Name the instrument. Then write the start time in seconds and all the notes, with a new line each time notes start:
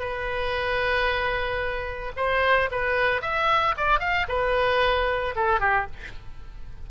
oboe
0.00 B4
2.17 C5
2.72 B4
3.22 E5
3.77 D5
4.00 F5
4.29 B4
5.36 A4
5.60 G4